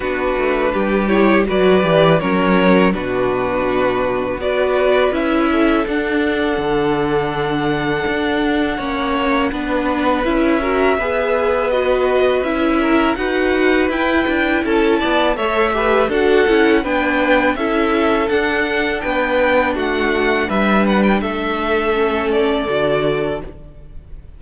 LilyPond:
<<
  \new Staff \with { instrumentName = "violin" } { \time 4/4 \tempo 4 = 82 b'4. cis''8 d''4 cis''4 | b'2 d''4 e''4 | fis''1~ | fis''2 e''2 |
dis''4 e''4 fis''4 g''4 | a''4 e''4 fis''4 g''4 | e''4 fis''4 g''4 fis''4 | e''8 fis''16 g''16 e''4. d''4. | }
  \new Staff \with { instrumentName = "violin" } { \time 4/4 fis'4 g'4 b'4 ais'4 | fis'2 b'4. a'8~ | a'1 | cis''4 b'4. ais'8 b'4~ |
b'4. ais'8 b'2 | a'8 d''8 cis''8 b'8 a'4 b'4 | a'2 b'4 fis'4 | b'4 a'2. | }
  \new Staff \with { instrumentName = "viola" } { \time 4/4 d'4. e'8 fis'8 g'8 cis'4 | d'2 fis'4 e'4 | d'1 | cis'4 d'4 e'8 fis'8 gis'4 |
fis'4 e'4 fis'4 e'4~ | e'4 a'8 g'8 fis'8 e'8 d'4 | e'4 d'2.~ | d'2 cis'4 fis'4 | }
  \new Staff \with { instrumentName = "cello" } { \time 4/4 b8 a8 g4 fis8 e8 fis4 | b,2 b4 cis'4 | d'4 d2 d'4 | ais4 b4 cis'4 b4~ |
b4 cis'4 dis'4 e'8 d'8 | cis'8 b8 a4 d'8 cis'8 b4 | cis'4 d'4 b4 a4 | g4 a2 d4 | }
>>